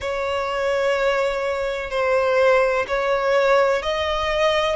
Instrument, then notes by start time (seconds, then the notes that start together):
violin
0.00 C#5
1.90 C5
2.87 C#5
3.82 D#5